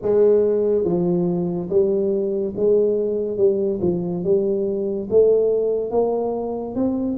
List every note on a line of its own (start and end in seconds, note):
0.02 0.84 G#3
0.84 1.69 F3
1.69 2.54 G3
2.55 3.37 G#3
3.37 3.79 G3
3.81 4.23 F3
4.23 5.08 G3
5.09 5.90 A3
5.90 6.75 A#3
6.75 7.17 C4